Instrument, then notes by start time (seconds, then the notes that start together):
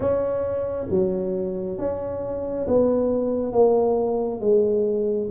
tuba
0.00 C#4
0.89 F#3
1.78 C#4
2.67 B3
3.52 A#3
4.40 G#3